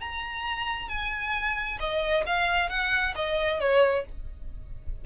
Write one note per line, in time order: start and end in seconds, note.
0.00 0.88 A#5
0.88 1.78 G#5
1.79 2.24 D#5
2.26 2.69 F5
2.69 3.14 F#5
3.15 3.60 D#5
3.60 4.05 C#5